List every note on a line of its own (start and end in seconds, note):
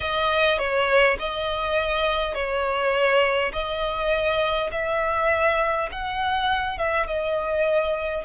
0.00 0.58 D#5
0.58 1.17 C#5
1.19 2.34 D#5
2.34 3.51 C#5
3.52 4.70 D#5
4.71 5.89 E5
5.91 6.78 F#5
6.78 7.06 E5
7.06 8.24 D#5